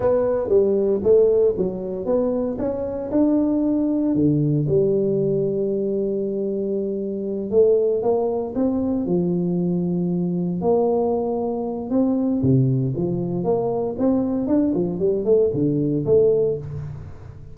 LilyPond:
\new Staff \with { instrumentName = "tuba" } { \time 4/4 \tempo 4 = 116 b4 g4 a4 fis4 | b4 cis'4 d'2 | d4 g2.~ | g2~ g8 a4 ais8~ |
ais8 c'4 f2~ f8~ | f8 ais2~ ais8 c'4 | c4 f4 ais4 c'4 | d'8 f8 g8 a8 d4 a4 | }